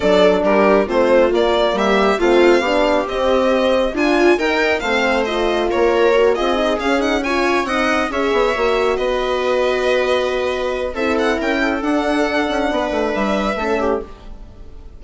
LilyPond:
<<
  \new Staff \with { instrumentName = "violin" } { \time 4/4 \tempo 4 = 137 d''4 ais'4 c''4 d''4 | e''4 f''2 dis''4~ | dis''4 gis''4 g''4 f''4 | dis''4 cis''4. dis''4 f''8 |
fis''8 gis''4 fis''4 e''4.~ | e''8 dis''2.~ dis''8~ | dis''4 e''8 fis''8 g''4 fis''4~ | fis''2 e''2 | }
  \new Staff \with { instrumentName = "viola" } { \time 4/4 a'4 g'4 f'2 | g'4 f'4 g'2~ | g'4 f'4 ais'4 c''4~ | c''4 ais'4. gis'4.~ |
gis'8 cis''4 dis''4 cis''4.~ | cis''8 b'2.~ b'8~ | b'4 a'4 ais'8 a'4.~ | a'4 b'2 a'8 g'8 | }
  \new Staff \with { instrumentName = "horn" } { \time 4/4 d'2 c'4 ais4~ | ais4 c'4 d'4 c'4~ | c'4 f'4 dis'4 c'4 | f'2 fis'8 f'8 dis'8 cis'8 |
dis'8 f'4 dis'4 gis'4 fis'8~ | fis'1~ | fis'4 e'2 d'4~ | d'2. cis'4 | }
  \new Staff \with { instrumentName = "bassoon" } { \time 4/4 fis4 g4 a4 ais4 | g4 a4 b4 c'4~ | c'4 d'4 dis'4 a4~ | a4 ais4. c'4 cis'8~ |
cis'4. c'4 cis'8 b8 ais8~ | ais8 b2.~ b8~ | b4 c'4 cis'4 d'4~ | d'8 cis'8 b8 a8 g4 a4 | }
>>